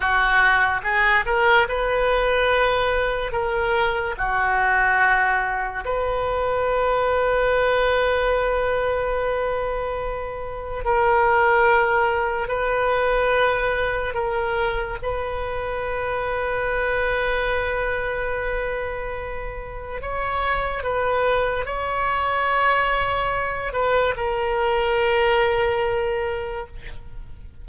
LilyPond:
\new Staff \with { instrumentName = "oboe" } { \time 4/4 \tempo 4 = 72 fis'4 gis'8 ais'8 b'2 | ais'4 fis'2 b'4~ | b'1~ | b'4 ais'2 b'4~ |
b'4 ais'4 b'2~ | b'1 | cis''4 b'4 cis''2~ | cis''8 b'8 ais'2. | }